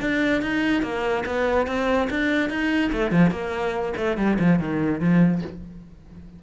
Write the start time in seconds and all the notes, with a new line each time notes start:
0.00 D4
0.41 D#4
0.82 A#3
1.25 B3
1.67 C4
2.10 D4
2.49 D#4
2.92 A3
3.11 F3
3.31 A#3
3.96 A3
4.17 G3
4.39 F3
4.59 D#3
5.00 F3